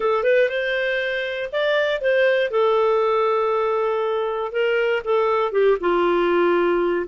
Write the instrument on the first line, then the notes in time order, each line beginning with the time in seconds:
clarinet
0.00 A4
0.23 B4
0.48 C5
1.52 D5
2.01 C5
2.50 A4
4.52 A#4
5.04 A4
5.52 G4
5.80 F4